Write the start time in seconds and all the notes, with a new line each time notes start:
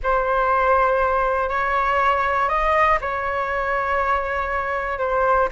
0.03 C5
1.49 C#5
2.48 D#5
3.01 C#5
4.98 C5